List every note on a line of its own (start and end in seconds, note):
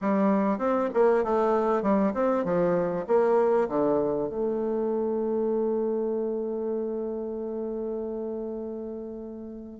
0.01 0.58 G3
0.58 0.89 C4
0.94 1.24 A#3
1.24 1.82 A3
1.82 2.13 G3
2.14 2.44 C4
2.44 3.05 F3
3.07 3.68 A#3
3.68 4.29 D3
4.29 9.80 A3